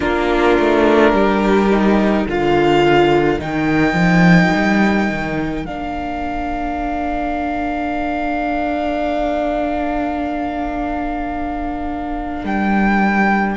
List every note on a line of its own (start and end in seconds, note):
0.00 0.58 A#3
0.00 1.70 D4
0.00 1.12 F4
0.00 2.27 A#4
0.58 1.12 A3
1.12 2.25 G3
1.12 2.26 G4
1.70 2.27 D#4
2.26 3.40 D3
2.26 3.38 F4
2.26 13.56 A#4
2.26 3.40 F5
3.38 3.93 D#3
3.38 5.65 D#4
3.38 5.65 G5
3.93 4.49 F3
4.54 5.09 G3
5.09 5.65 D#3
5.65 12.44 A#3
5.65 13.56 D4
5.65 12.45 F5
12.44 13.56 G3
12.44 13.56 G5